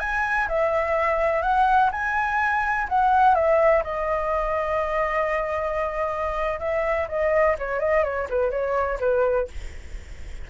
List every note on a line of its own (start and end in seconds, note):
0.00 0.48 G#5
0.48 1.42 E5
1.42 1.90 F#5
1.92 2.88 G#5
2.89 3.35 F#5
3.35 3.83 E5
3.84 6.60 D#5
6.60 7.08 E5
7.09 7.57 D#5
7.59 7.80 C#5
7.80 8.04 D#5
8.04 8.28 C#5
8.30 8.51 B4
8.51 8.99 C#5
9.00 9.48 B4